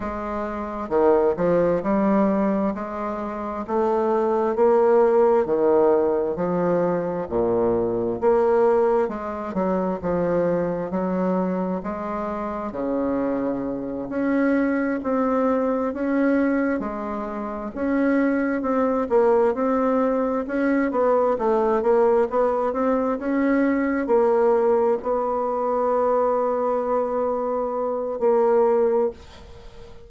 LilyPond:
\new Staff \with { instrumentName = "bassoon" } { \time 4/4 \tempo 4 = 66 gis4 dis8 f8 g4 gis4 | a4 ais4 dis4 f4 | ais,4 ais4 gis8 fis8 f4 | fis4 gis4 cis4. cis'8~ |
cis'8 c'4 cis'4 gis4 cis'8~ | cis'8 c'8 ais8 c'4 cis'8 b8 a8 | ais8 b8 c'8 cis'4 ais4 b8~ | b2. ais4 | }